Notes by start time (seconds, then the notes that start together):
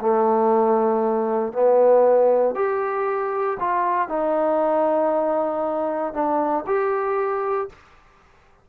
0.00 A3
1.52 B3
2.55 G4
3.60 F4
4.08 D#4
6.13 D4
6.66 G4